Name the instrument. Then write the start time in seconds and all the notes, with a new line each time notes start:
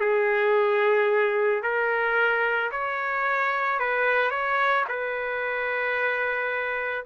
trumpet
0.00 G#4
1.62 A#4
2.71 C#5
3.79 B4
4.30 C#5
4.88 B4